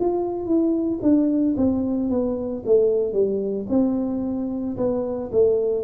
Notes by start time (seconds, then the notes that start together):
0.00 F4
0.46 E4
1.02 D4
1.57 C4
2.10 B3
2.66 A3
3.14 G3
3.70 C4
4.77 B3
5.33 A3